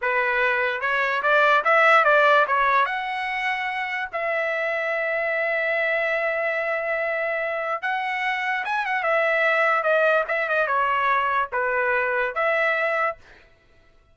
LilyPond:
\new Staff \with { instrumentName = "trumpet" } { \time 4/4 \tempo 4 = 146 b'2 cis''4 d''4 | e''4 d''4 cis''4 fis''4~ | fis''2 e''2~ | e''1~ |
e''2. fis''4~ | fis''4 gis''8 fis''8 e''2 | dis''4 e''8 dis''8 cis''2 | b'2 e''2 | }